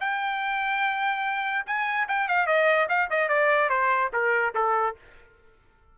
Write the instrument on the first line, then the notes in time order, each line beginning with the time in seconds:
trumpet
0.00 G5
1.66 G#5
2.08 G5
2.28 F5
2.46 D#5
2.88 F5
3.10 D#5
3.28 D5
3.69 C5
4.13 A#4
4.54 A4